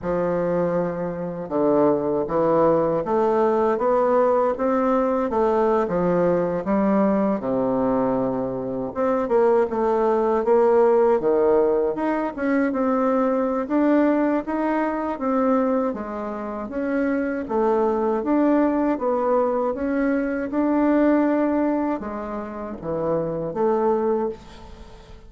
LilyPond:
\new Staff \with { instrumentName = "bassoon" } { \time 4/4 \tempo 4 = 79 f2 d4 e4 | a4 b4 c'4 a8. f16~ | f8. g4 c2 c'16~ | c'16 ais8 a4 ais4 dis4 dis'16~ |
dis'16 cis'8 c'4~ c'16 d'4 dis'4 | c'4 gis4 cis'4 a4 | d'4 b4 cis'4 d'4~ | d'4 gis4 e4 a4 | }